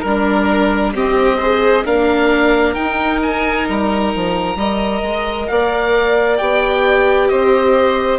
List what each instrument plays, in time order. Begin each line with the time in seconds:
0.00 bassoon G3, viola D4, oboe A#4, violin A#4
0.94 viola C4, bassoon C4, violin G4, oboe D#5
1.37 viola G#4, violin C5
1.84 bassoon A#3, viola D4, violin A#4, oboe F5
2.74 viola D#4, bassoon D#4, oboe G5
3.22 oboe G#5
3.68 bassoon G3, oboe A#5
4.15 bassoon F3
4.55 bassoon G3, viola A#4, violin D#5
5.02 bassoon G#3
5.47 bassoon A#3, violin D5, oboe F5
6.37 bassoon B3, viola G4, oboe G5
7.28 bassoon C4, violin C5, oboe D#5